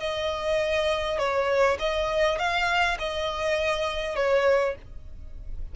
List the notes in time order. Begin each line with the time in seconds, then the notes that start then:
0.00 D#5
1.19 C#5
1.80 D#5
2.39 F5
2.99 D#5
4.16 C#5